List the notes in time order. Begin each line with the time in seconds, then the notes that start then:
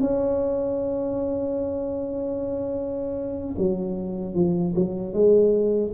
0.00 C#4
3.58 F#3
4.34 F3
4.75 F#3
5.13 G#3